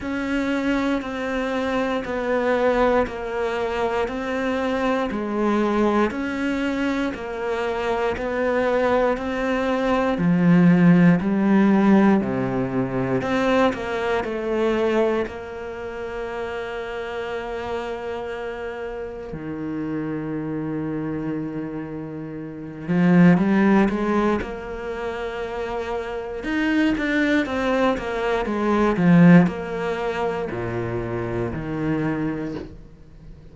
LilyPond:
\new Staff \with { instrumentName = "cello" } { \time 4/4 \tempo 4 = 59 cis'4 c'4 b4 ais4 | c'4 gis4 cis'4 ais4 | b4 c'4 f4 g4 | c4 c'8 ais8 a4 ais4~ |
ais2. dis4~ | dis2~ dis8 f8 g8 gis8 | ais2 dis'8 d'8 c'8 ais8 | gis8 f8 ais4 ais,4 dis4 | }